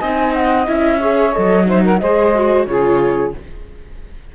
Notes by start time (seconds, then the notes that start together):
0.00 C4 D#4 D#5 G#5
0.33 F#5
0.67 C#4 E4 E5
0.99 G#4 C#5
1.33 F#3 A4 D#5
1.66 D#4 C5 E5
1.84 A#4 F#5
1.99 G#3 G#4 C5 D#5
2.35 F#4
2.66 C#3 F4 G#4 C#5